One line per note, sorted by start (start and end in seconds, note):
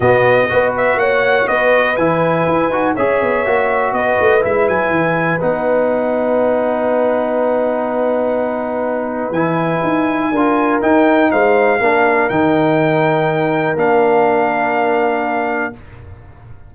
0.00 0.48 B2
0.00 0.49 B3
0.00 0.46 F#4
0.00 0.73 D#5
0.49 0.96 B3
0.49 1.96 F#4
0.49 0.99 B4
0.77 0.99 E5
0.96 1.45 A#3
0.96 1.48 C#5
0.96 1.47 F#5
1.47 1.97 B3
1.47 2.95 B4
1.47 1.96 D#5
1.96 2.46 E3
1.96 2.71 E4
1.96 2.94 G#5
2.47 2.69 E4
2.69 2.93 D#4
2.69 2.96 F#4
2.95 3.22 C#4
2.95 3.45 G#4
2.95 3.93 C#5
2.95 3.93 E5
3.22 3.46 B3
3.45 3.92 A#3
3.45 4.40 F#4
3.92 4.16 B3
3.92 10.31 B4
3.92 4.42 D#5
4.20 4.44 A3
4.40 4.68 G#3
4.40 5.39 E4
4.40 4.68 E5
4.68 4.90 F#3
4.68 5.40 G#5
4.90 5.39 E3
5.40 9.30 B3
5.40 9.33 D#4
5.40 9.32 F#5
9.30 9.80 E3
9.30 10.33 E4
9.30 10.80 G#5
9.82 10.31 D#4
10.31 10.80 D4
10.31 10.81 F4
10.31 11.30 A#4
10.81 11.79 D#4
10.81 11.31 D#4
10.81 11.31 G5
11.31 11.80 G#3
11.31 11.80 C5
11.31 12.29 F5
11.80 12.29 A#3
11.80 12.31 D4
11.80 15.73 A#4
12.29 13.76 D#3
12.29 13.77 D#4
12.29 13.77 G5
13.76 15.72 A#3
13.76 15.73 D4
13.76 15.74 F5